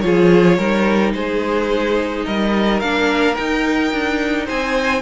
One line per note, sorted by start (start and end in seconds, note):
0.00 0.58 F3
0.00 0.58 F4
0.00 0.58 G#4
0.00 1.11 C#5
0.58 1.13 G3
0.58 2.82 D#4
0.58 1.13 A#4
1.13 2.24 G#3
1.13 2.25 G#4
1.13 2.25 C5
2.25 2.82 G3
2.25 4.45 A#4
2.25 2.80 D#5
2.80 3.38 A#3
2.80 3.35 D4
2.80 3.35 F5
3.35 5.01 D#4
3.35 3.92 D#4
3.35 4.46 G5
3.92 4.48 D4
4.45 5.02 C4
4.45 5.01 C5
4.45 5.02 G#5